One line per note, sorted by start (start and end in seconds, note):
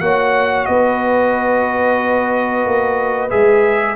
0.00 0.67 A#3
0.00 3.30 F#4
0.00 0.68 C#5
0.00 0.66 F#5
0.66 2.66 B3
0.66 3.96 B4
0.66 3.30 D#5
2.66 3.31 A#3
3.30 3.96 G#3
3.30 3.96 G#4
3.30 3.96 E5